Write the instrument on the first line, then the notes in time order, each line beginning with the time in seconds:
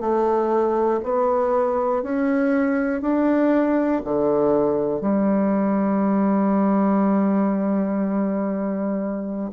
bassoon
0.00 A3
1.03 B3
2.02 C#4
3.01 D4
4.04 D3
5.00 G3